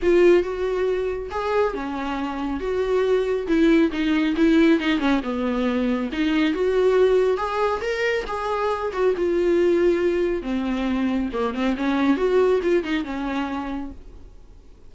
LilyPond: \new Staff \with { instrumentName = "viola" } { \time 4/4 \tempo 4 = 138 f'4 fis'2 gis'4 | cis'2 fis'2 | e'4 dis'4 e'4 dis'8 cis'8 | b2 dis'4 fis'4~ |
fis'4 gis'4 ais'4 gis'4~ | gis'8 fis'8 f'2. | c'2 ais8 c'8 cis'4 | fis'4 f'8 dis'8 cis'2 | }